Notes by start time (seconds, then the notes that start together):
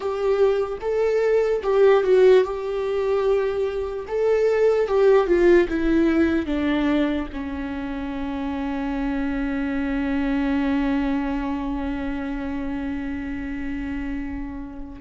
0.00 G4
0.81 A4
1.63 G4
2.03 F#4
2.43 G4
4.07 A4
4.87 G4
5.27 F4
5.68 E4
6.46 D4
7.32 C#4